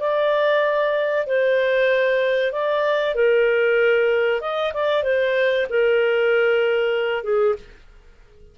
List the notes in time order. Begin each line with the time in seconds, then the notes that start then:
0.00 D5
1.26 C5
2.52 D5
3.15 A#4
4.41 D#5
4.73 D5
5.03 C5
5.70 A#4
7.23 G#4